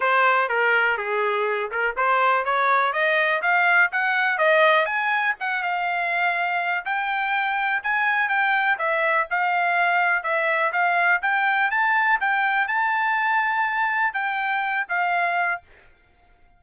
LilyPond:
\new Staff \with { instrumentName = "trumpet" } { \time 4/4 \tempo 4 = 123 c''4 ais'4 gis'4. ais'8 | c''4 cis''4 dis''4 f''4 | fis''4 dis''4 gis''4 fis''8 f''8~ | f''2 g''2 |
gis''4 g''4 e''4 f''4~ | f''4 e''4 f''4 g''4 | a''4 g''4 a''2~ | a''4 g''4. f''4. | }